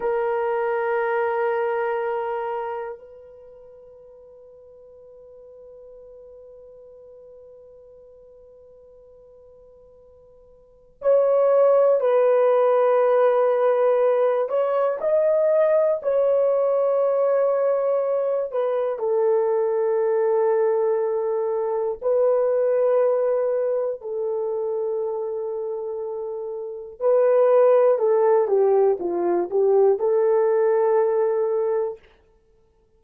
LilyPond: \new Staff \with { instrumentName = "horn" } { \time 4/4 \tempo 4 = 60 ais'2. b'4~ | b'1~ | b'2. cis''4 | b'2~ b'8 cis''8 dis''4 |
cis''2~ cis''8 b'8 a'4~ | a'2 b'2 | a'2. b'4 | a'8 g'8 f'8 g'8 a'2 | }